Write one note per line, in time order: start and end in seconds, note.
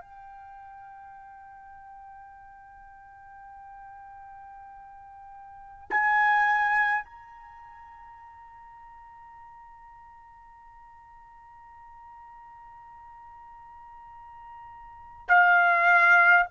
0.00 5.88 G5
5.90 7.04 G#5
7.04 15.28 A#5
15.28 16.45 F5